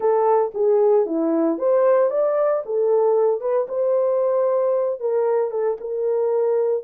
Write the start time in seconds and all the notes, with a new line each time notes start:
0.00 A4
0.54 G#4
1.06 E4
1.58 C5
2.10 D5
2.65 A4
3.40 B4
3.68 C5
5.00 A#4
5.50 A4
5.80 A#4